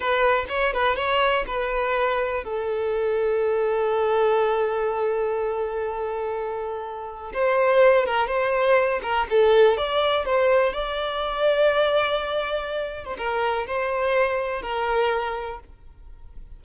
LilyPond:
\new Staff \with { instrumentName = "violin" } { \time 4/4 \tempo 4 = 123 b'4 cis''8 b'8 cis''4 b'4~ | b'4 a'2.~ | a'1~ | a'2. c''4~ |
c''8 ais'8 c''4. ais'8 a'4 | d''4 c''4 d''2~ | d''2~ d''8. c''16 ais'4 | c''2 ais'2 | }